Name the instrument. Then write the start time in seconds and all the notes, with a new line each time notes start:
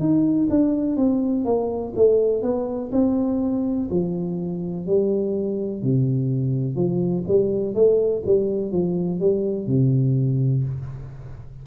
tuba
0.00 D#4
0.50 D4
0.97 C4
1.45 A#3
1.96 A3
2.43 B3
2.92 C4
3.91 F3
4.87 G3
5.83 C3
6.76 F3
7.28 G3
7.75 A3
8.26 G3
8.72 F3
9.20 G3
9.67 C3